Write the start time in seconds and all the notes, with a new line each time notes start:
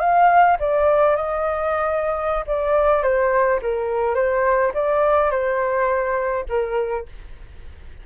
0.00 F5
0.60 D5
1.16 D#5
2.47 D5
3.03 C5
3.62 A#4
4.15 C5
4.74 D5
5.31 C5
6.49 A#4